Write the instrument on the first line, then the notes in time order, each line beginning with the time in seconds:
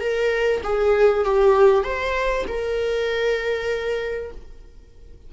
viola
0.00 A#4
0.63 G#4
1.24 G4
1.84 C5
2.48 A#4